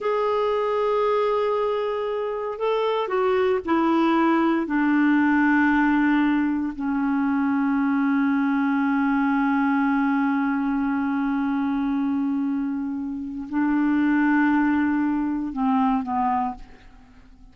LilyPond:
\new Staff \with { instrumentName = "clarinet" } { \time 4/4 \tempo 4 = 116 gis'1~ | gis'4 a'4 fis'4 e'4~ | e'4 d'2.~ | d'4 cis'2.~ |
cis'1~ | cis'1~ | cis'2 d'2~ | d'2 c'4 b4 | }